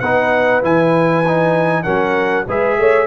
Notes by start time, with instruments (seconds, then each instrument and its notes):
0.00 tuba B3, trombone D#4, horn B4, trumpet F#5
0.62 tuba E3, trombone E4, trumpet G#5
1.28 trombone D#4
1.83 tuba F#3, trombone C#4, horn A#4, trumpet F#5
2.47 tuba G#3, trombone G#4, horn B4, trumpet E5
2.78 tuba A3, horn C#5